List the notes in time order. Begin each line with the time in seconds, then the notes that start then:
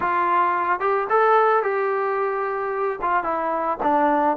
0.00 F4
0.80 G4
1.09 A4
1.62 G4
3.01 F4
3.23 E4
3.82 D4